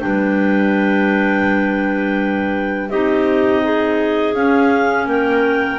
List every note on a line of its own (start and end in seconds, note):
0.00 2.91 G3
0.00 2.89 D4
0.00 2.91 B4
0.00 2.90 G5
2.90 4.34 C4
2.90 4.35 D#4
2.90 3.63 G4
2.90 4.34 D#5
3.64 5.08 G#4
4.34 5.06 C#4
4.34 5.79 C#4
4.34 5.07 F5
5.06 5.79 A#3
5.06 5.80 A#4
5.06 5.80 G5